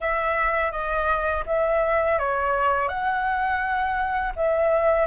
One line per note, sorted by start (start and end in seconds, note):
0.00 0.71 E5
0.71 1.44 D#5
1.46 2.18 E5
2.19 2.88 C#5
2.88 4.32 F#5
4.36 5.06 E5